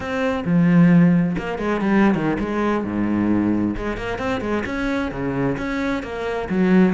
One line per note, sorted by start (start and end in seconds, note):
0.00 0.44 C4
0.44 1.35 F3
1.37 1.58 A#3
1.58 1.81 G#3
1.81 2.14 G3
2.14 2.37 D#3
2.39 2.84 G#3
2.84 3.75 G#2
3.76 3.97 G#3
3.97 4.18 A#3
4.18 4.40 C4
4.40 4.63 G#3
4.65 5.11 C#4
5.11 5.56 C#3
5.57 6.02 C#4
6.02 6.48 A#3
6.49 6.94 F#3